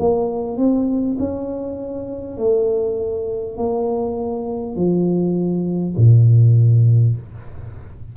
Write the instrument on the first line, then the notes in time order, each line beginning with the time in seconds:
tuba
0.00 A#3
0.58 C4
1.19 C#4
2.38 A3
3.58 A#3
4.76 F3
5.97 A#2